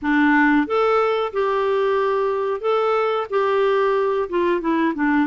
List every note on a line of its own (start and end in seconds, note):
0.02 0.66 D4
0.66 1.32 A4
1.32 2.60 G4
2.60 3.26 A4
3.30 4.29 G4
4.29 4.60 F4
4.60 4.93 E4
4.94 5.27 D4